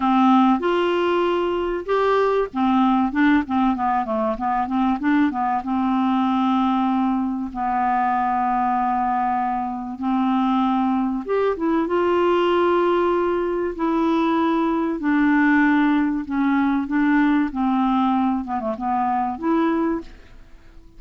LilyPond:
\new Staff \with { instrumentName = "clarinet" } { \time 4/4 \tempo 4 = 96 c'4 f'2 g'4 | c'4 d'8 c'8 b8 a8 b8 c'8 | d'8 b8 c'2. | b1 |
c'2 g'8 e'8 f'4~ | f'2 e'2 | d'2 cis'4 d'4 | c'4. b16 a16 b4 e'4 | }